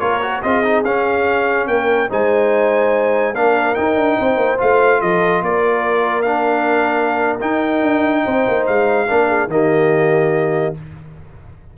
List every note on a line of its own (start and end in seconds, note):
0.00 0.43 A#3
0.00 0.21 F4
0.00 0.44 A#4
0.00 0.42 C#5
0.22 0.43 F#4
0.43 0.85 C4
0.43 0.64 F4
0.43 1.69 G#4
0.43 0.84 D#5
0.64 0.85 D#4
0.85 1.68 C#4
0.85 2.10 C#4
0.85 1.68 F5
1.68 2.10 A#3
1.68 2.11 A#4
1.68 2.10 G5
2.10 3.35 G#3
2.10 3.35 D#4
2.10 3.34 C5
2.10 3.35 G#5
3.34 3.76 A#3
3.34 3.76 D4
3.34 4.18 A#4
3.34 3.75 F5
3.75 4.58 D#4
3.75 3.97 D#4
3.75 4.58 G5
3.97 4.18 D4
4.18 4.37 C4
4.18 5.02 C5
4.37 4.58 A#3
4.58 5.02 A3
4.58 6.25 F4
4.58 5.02 F5
5.02 5.43 F3
5.02 5.45 A4
5.02 5.43 D#5
5.43 7.41 A#3
5.43 8.25 A#4
5.43 6.23 D5
6.23 7.40 D4
6.23 7.37 F5
7.41 9.07 D#4
7.41 7.83 D#4
7.41 8.67 G5
7.83 8.24 D4
8.25 8.48 C4
8.25 9.08 C5
8.48 8.68 A#3
8.67 9.10 G#3
8.67 9.51 F5
9.08 9.47 A#3
9.08 9.50 D4
9.08 9.29 A#4
9.29 9.50 G#4
9.47 10.72 D#3
9.47 10.75 A#3
9.47 10.78 G4
9.47 10.76 D#5